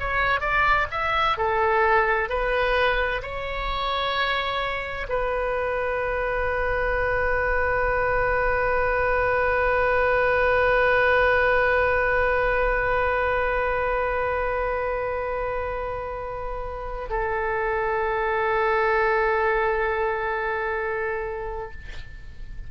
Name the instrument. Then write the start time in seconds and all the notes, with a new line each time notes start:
oboe
0.00 C#5
0.41 D5
0.91 E5
1.37 A4
2.30 B4
3.22 C#5
5.09 B4
17.10 A4